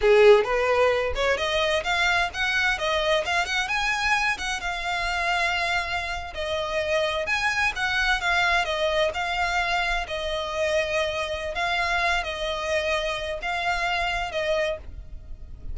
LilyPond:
\new Staff \with { instrumentName = "violin" } { \time 4/4 \tempo 4 = 130 gis'4 b'4. cis''8 dis''4 | f''4 fis''4 dis''4 f''8 fis''8 | gis''4. fis''8 f''2~ | f''4.~ f''16 dis''2 gis''16~ |
gis''8. fis''4 f''4 dis''4 f''16~ | f''4.~ f''16 dis''2~ dis''16~ | dis''4 f''4. dis''4.~ | dis''4 f''2 dis''4 | }